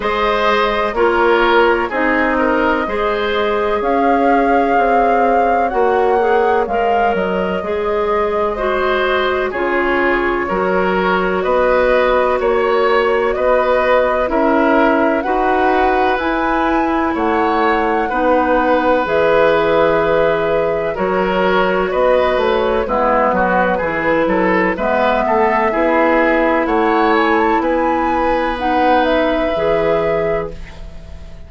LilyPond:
<<
  \new Staff \with { instrumentName = "flute" } { \time 4/4 \tempo 4 = 63 dis''4 cis''4 dis''2 | f''2 fis''4 f''8 dis''8~ | dis''2 cis''2 | dis''4 cis''4 dis''4 e''4 |
fis''4 gis''4 fis''2 | e''2 cis''4 dis''8 cis''8 | b'2 e''2 | fis''8 gis''16 a''16 gis''4 fis''8 e''4. | }
  \new Staff \with { instrumentName = "oboe" } { \time 4/4 c''4 ais'4 gis'8 ais'8 c''4 | cis''1~ | cis''4 c''4 gis'4 ais'4 | b'4 cis''4 b'4 ais'4 |
b'2 cis''4 b'4~ | b'2 ais'4 b'4 | e'8 fis'8 gis'8 a'8 b'8 a'8 gis'4 | cis''4 b'2. | }
  \new Staff \with { instrumentName = "clarinet" } { \time 4/4 gis'4 f'4 dis'4 gis'4~ | gis'2 fis'8 gis'8 ais'4 | gis'4 fis'4 f'4 fis'4~ | fis'2. e'4 |
fis'4 e'2 dis'4 | gis'2 fis'2 | b4 e'4 b4 e'4~ | e'2 dis'4 gis'4 | }
  \new Staff \with { instrumentName = "bassoon" } { \time 4/4 gis4 ais4 c'4 gis4 | cis'4 c'4 ais4 gis8 fis8 | gis2 cis4 fis4 | b4 ais4 b4 cis'4 |
dis'4 e'4 a4 b4 | e2 fis4 b8 a8 | gis8 fis8 e8 fis8 gis8 a8 b4 | a4 b2 e4 | }
>>